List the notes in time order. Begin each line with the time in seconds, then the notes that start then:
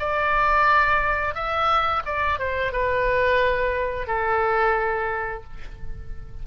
0.00 D5
1.35 E5
2.06 D5
2.40 C5
2.73 B4
4.08 A4